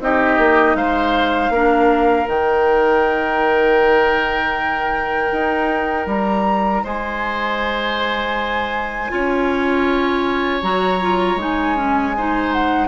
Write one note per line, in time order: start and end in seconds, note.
0.00 0.38 C4
0.00 1.53 D#4
0.00 0.77 G4
0.00 0.76 D#5
0.38 0.75 A#3
0.75 1.50 G#3
0.75 1.53 C5
0.75 2.28 F5
1.50 2.25 A#3
1.50 2.26 D4
1.50 6.83 A#4
2.26 5.31 D#3
2.26 9.09 D#4
2.26 6.08 G5
5.32 6.06 D#4
6.06 6.82 G3
6.06 6.85 A#5
6.83 9.12 G#3
6.83 9.11 C5
6.83 10.63 G#5
9.09 10.62 C#4
9.09 10.61 F4
9.09 12.17 C#5
10.62 11.36 F#3
10.62 11.00 F#4
10.62 11.39 A#5
11.01 11.39 F4
11.36 12.87 G#3
11.36 11.76 D#4
11.42 12.53 G#5
11.76 12.14 C#4
12.17 12.88 D#4
12.17 12.88 C5
12.53 12.88 F#5